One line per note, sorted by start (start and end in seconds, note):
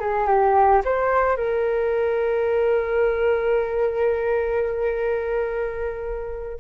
0.00 0.27 G#4
0.27 0.82 G4
0.84 1.36 C5
1.36 6.59 A#4